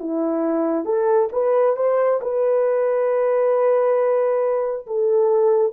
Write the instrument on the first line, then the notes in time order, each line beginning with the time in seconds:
horn
0.00 E4
0.85 A4
1.33 B4
1.76 C5
2.22 B4
4.87 A4